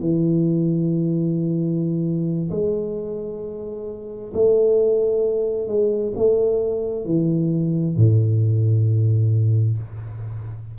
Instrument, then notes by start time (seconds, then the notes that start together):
tuba
0.00 E3
2.51 G#3
4.34 A3
5.68 G#3
6.16 A3
7.05 E3
7.96 A2